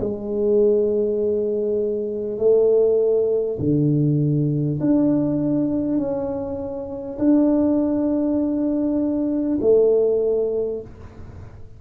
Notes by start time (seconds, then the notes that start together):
0.00 G#3
2.38 A3
3.59 D3
4.80 D4
5.98 C#4
7.19 D4
9.61 A3